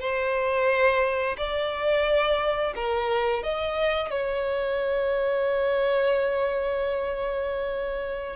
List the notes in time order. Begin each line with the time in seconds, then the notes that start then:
0.00 C5
1.37 D5
2.75 A#4
3.42 D#5
4.10 C#5